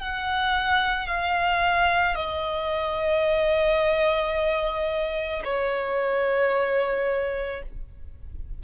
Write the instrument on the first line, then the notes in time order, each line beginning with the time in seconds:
violin
0.00 F#5
1.08 F5
2.16 D#5
5.44 C#5